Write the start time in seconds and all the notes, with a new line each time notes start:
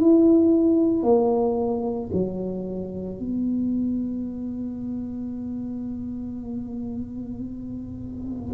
0.00 E4
1.03 A#3
2.13 F#3
3.19 B3